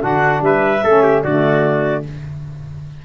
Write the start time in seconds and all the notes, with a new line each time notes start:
0.00 D3 D4 F#4 F#5
0.41 G3 B4 E5
0.83 A3 C#4 A4
1.02 G4
1.22 D3 A3 F#4 D5